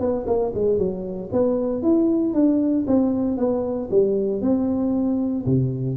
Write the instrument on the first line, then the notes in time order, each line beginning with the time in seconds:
tuba
0.00 B3
0.27 A#3
0.55 G#3
0.79 F#3
1.33 B3
1.83 E4
2.34 D4
2.87 C4
3.38 B3
3.91 G3
4.42 C4
5.46 C3